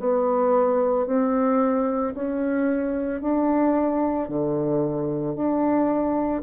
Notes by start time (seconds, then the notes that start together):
0.00 B3
1.07 C4
2.15 C#4
3.21 D4
4.29 D3
5.36 D4